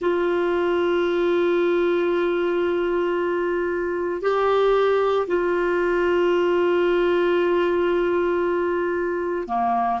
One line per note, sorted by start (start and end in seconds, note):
0.01 4.21 F4
4.21 5.26 G4
5.27 9.47 F4
9.47 10.00 A#3